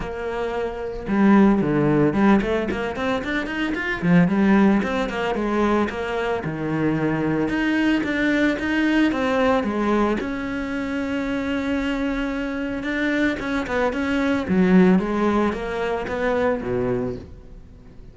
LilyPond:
\new Staff \with { instrumentName = "cello" } { \time 4/4 \tempo 4 = 112 ais2 g4 d4 | g8 a8 ais8 c'8 d'8 dis'8 f'8 f8 | g4 c'8 ais8 gis4 ais4 | dis2 dis'4 d'4 |
dis'4 c'4 gis4 cis'4~ | cis'1 | d'4 cis'8 b8 cis'4 fis4 | gis4 ais4 b4 b,4 | }